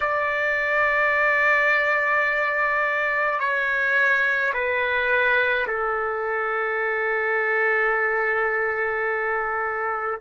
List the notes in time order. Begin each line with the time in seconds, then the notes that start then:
0.00 D5
3.40 C#5
4.53 B4
5.67 A4